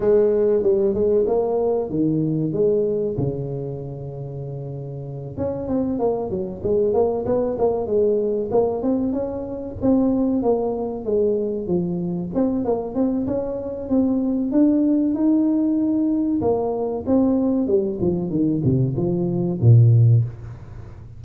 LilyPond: \new Staff \with { instrumentName = "tuba" } { \time 4/4 \tempo 4 = 95 gis4 g8 gis8 ais4 dis4 | gis4 cis2.~ | cis8 cis'8 c'8 ais8 fis8 gis8 ais8 b8 | ais8 gis4 ais8 c'8 cis'4 c'8~ |
c'8 ais4 gis4 f4 c'8 | ais8 c'8 cis'4 c'4 d'4 | dis'2 ais4 c'4 | g8 f8 dis8 c8 f4 ais,4 | }